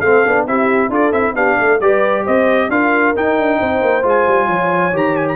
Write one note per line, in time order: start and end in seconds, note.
0.00 0.22 A3
0.00 0.26 C4
0.00 0.47 A4
0.00 0.45 F5
0.25 0.47 B3
0.25 0.47 D4
0.47 0.89 C4
0.47 0.90 E4
0.47 0.90 G4
0.47 0.92 E5
0.89 1.11 D4
0.89 1.13 F4
0.89 1.35 A4
0.89 1.12 D5
1.12 1.34 C4
1.12 1.35 E4
1.12 1.35 E5
1.34 1.57 B3
1.34 1.80 D4
1.34 1.58 G4
1.34 1.80 F5
1.58 1.81 A3
1.58 1.80 A4
1.80 2.25 G3
1.80 2.70 G4
1.80 2.23 B4
1.80 2.25 D5
2.23 2.69 C4
2.23 2.68 C5
2.23 2.70 D#5
2.69 3.13 D4
2.69 3.15 F4
2.69 3.59 A#4
2.69 3.15 F5
3.16 4.02 D#4
3.16 3.38 D#4
3.16 4.06 G5
3.38 3.61 D4
3.59 3.82 C4
3.59 4.47 C5
3.82 4.04 A#3
4.02 4.26 G#3
4.02 4.92 F4
4.02 4.97 G#5
4.27 4.48 G3
4.47 4.92 F3
4.47 5.36 C#5
4.92 5.36 D#3
4.92 5.36 G4
4.92 5.16 A#5
5.16 5.27 G#5
5.28 5.36 A#5